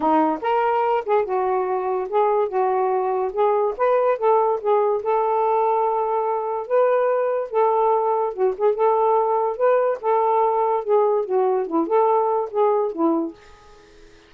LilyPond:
\new Staff \with { instrumentName = "saxophone" } { \time 4/4 \tempo 4 = 144 dis'4 ais'4. gis'8 fis'4~ | fis'4 gis'4 fis'2 | gis'4 b'4 a'4 gis'4 | a'1 |
b'2 a'2 | fis'8 gis'8 a'2 b'4 | a'2 gis'4 fis'4 | e'8 a'4. gis'4 e'4 | }